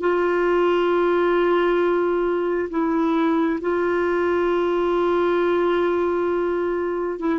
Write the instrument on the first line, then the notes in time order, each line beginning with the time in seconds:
clarinet
0.00 F4
2.69 E4
3.61 F4
7.19 E4